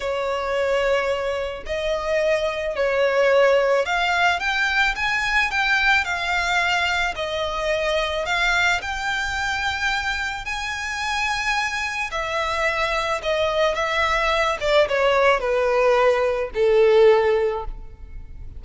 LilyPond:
\new Staff \with { instrumentName = "violin" } { \time 4/4 \tempo 4 = 109 cis''2. dis''4~ | dis''4 cis''2 f''4 | g''4 gis''4 g''4 f''4~ | f''4 dis''2 f''4 |
g''2. gis''4~ | gis''2 e''2 | dis''4 e''4. d''8 cis''4 | b'2 a'2 | }